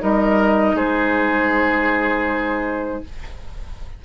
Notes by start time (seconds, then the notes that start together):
0.00 G3 D#4 A#4 D#5
0.74 G#3 G#4 C5